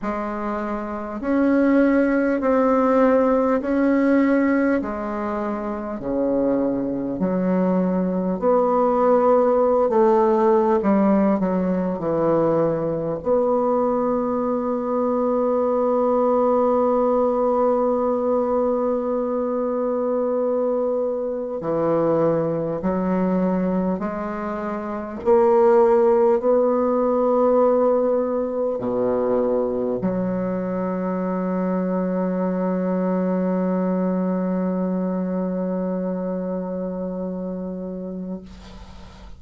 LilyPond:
\new Staff \with { instrumentName = "bassoon" } { \time 4/4 \tempo 4 = 50 gis4 cis'4 c'4 cis'4 | gis4 cis4 fis4 b4~ | b16 a8. g8 fis8 e4 b4~ | b1~ |
b2 e4 fis4 | gis4 ais4 b2 | b,4 fis2.~ | fis1 | }